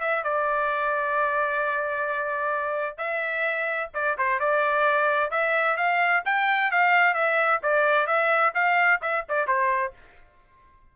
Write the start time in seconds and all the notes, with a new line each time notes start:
0.00 E5
0.23 D5
2.97 E5
3.94 D5
4.18 C5
4.39 D5
5.30 E5
5.76 F5
6.25 G5
6.71 F5
7.14 E5
7.62 D5
8.06 E5
8.54 F5
9.01 E5
9.28 D5
9.47 C5